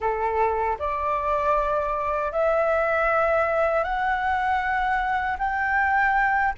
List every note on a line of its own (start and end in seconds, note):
0.00 0.77 A4
0.79 2.31 D5
2.31 3.83 E5
3.83 5.37 F#5
5.38 6.53 G5